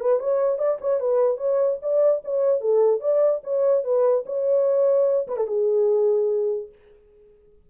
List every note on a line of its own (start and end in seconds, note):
0.00 0.20 B4
0.20 0.58 C#5
0.58 0.79 D5
0.81 1.00 C#5
1.00 1.37 B4
1.37 1.78 C#5
1.82 2.22 D5
2.25 2.61 C#5
2.61 3.00 A4
3.00 3.41 D5
3.44 3.84 C#5
3.84 4.25 B4
4.26 5.27 C#5
5.28 5.37 B4
5.37 5.47 A4
5.47 6.69 G#4